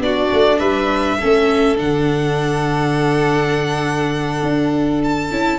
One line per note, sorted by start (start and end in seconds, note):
0.00 0.29 B3
0.00 1.20 D4
0.00 0.59 F#4
0.00 0.59 D5
0.33 0.61 A3
0.59 1.19 G3
0.59 1.18 B4
0.59 1.77 E5
1.20 1.81 A3
1.20 1.77 C#4
1.20 5.60 A4
1.77 4.43 D3
1.77 5.30 D4
1.77 5.03 F#5
4.43 5.31 D4
5.04 5.60 A5
5.31 5.60 C#4
5.31 5.60 E4